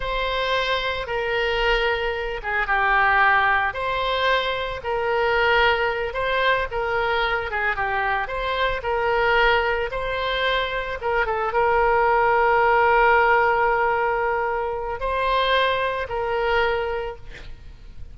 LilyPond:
\new Staff \with { instrumentName = "oboe" } { \time 4/4 \tempo 4 = 112 c''2 ais'2~ | ais'8 gis'8 g'2 c''4~ | c''4 ais'2~ ais'8 c''8~ | c''8 ais'4. gis'8 g'4 c''8~ |
c''8 ais'2 c''4.~ | c''8 ais'8 a'8 ais'2~ ais'8~ | ais'1 | c''2 ais'2 | }